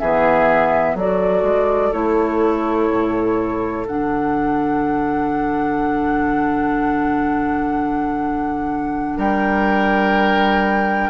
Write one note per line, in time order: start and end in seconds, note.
0.00 0.95 E3
0.00 0.98 B3
0.00 0.95 G#4
0.00 0.97 E5
0.95 1.43 F#3
0.95 1.93 F#4
0.95 9.18 A4
0.95 1.93 D5
1.43 1.92 G#3
1.93 2.90 A3
1.93 3.86 E4
1.93 3.86 C#5
2.90 3.86 A2
3.86 9.18 D3
3.86 11.10 D4
3.86 9.19 F#5
9.18 11.10 G3
9.18 11.10 A#4
9.18 11.10 G5